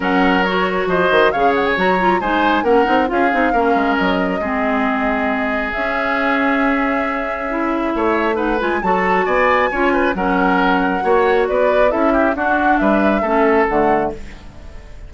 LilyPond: <<
  \new Staff \with { instrumentName = "flute" } { \time 4/4 \tempo 4 = 136 fis''4 cis''4 dis''4 f''8 fis''16 gis''16 | ais''4 gis''4 fis''4 f''4~ | f''4 dis''2.~ | dis''4 e''2.~ |
e''2. fis''8 gis''8 | a''4 gis''2 fis''4~ | fis''2 d''4 e''4 | fis''4 e''2 fis''4 | }
  \new Staff \with { instrumentName = "oboe" } { \time 4/4 ais'2 c''4 cis''4~ | cis''4 c''4 ais'4 gis'4 | ais'2 gis'2~ | gis'1~ |
gis'2 cis''4 b'4 | a'4 d''4 cis''8 b'8 ais'4~ | ais'4 cis''4 b'4 a'8 g'8 | fis'4 b'4 a'2 | }
  \new Staff \with { instrumentName = "clarinet" } { \time 4/4 cis'4 fis'2 gis'4 | fis'8 f'8 dis'4 cis'8 dis'8 f'8 dis'8 | cis'2 c'2~ | c'4 cis'2.~ |
cis'4 e'2 dis'8 f'8 | fis'2 f'4 cis'4~ | cis'4 fis'2 e'4 | d'2 cis'4 a4 | }
  \new Staff \with { instrumentName = "bassoon" } { \time 4/4 fis2 f8 dis8 cis4 | fis4 gis4 ais8 c'8 cis'8 c'8 | ais8 gis8 fis4 gis2~ | gis4 cis'2.~ |
cis'2 a4. gis8 | fis4 b4 cis'4 fis4~ | fis4 ais4 b4 cis'4 | d'4 g4 a4 d4 | }
>>